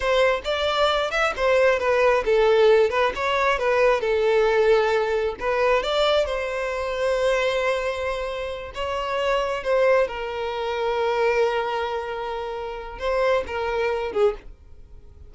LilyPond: \new Staff \with { instrumentName = "violin" } { \time 4/4 \tempo 4 = 134 c''4 d''4. e''8 c''4 | b'4 a'4. b'8 cis''4 | b'4 a'2. | b'4 d''4 c''2~ |
c''2.~ c''8 cis''8~ | cis''4. c''4 ais'4.~ | ais'1~ | ais'4 c''4 ais'4. gis'8 | }